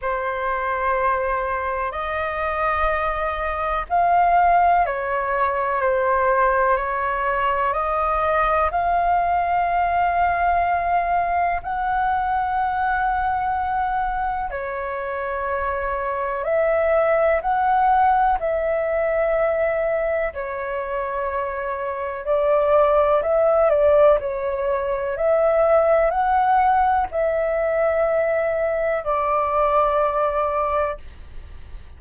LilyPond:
\new Staff \with { instrumentName = "flute" } { \time 4/4 \tempo 4 = 62 c''2 dis''2 | f''4 cis''4 c''4 cis''4 | dis''4 f''2. | fis''2. cis''4~ |
cis''4 e''4 fis''4 e''4~ | e''4 cis''2 d''4 | e''8 d''8 cis''4 e''4 fis''4 | e''2 d''2 | }